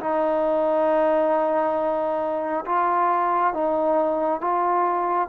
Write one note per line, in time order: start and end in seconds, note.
0.00 2.65 D#4
2.65 3.53 F4
3.53 4.41 D#4
4.41 5.28 F4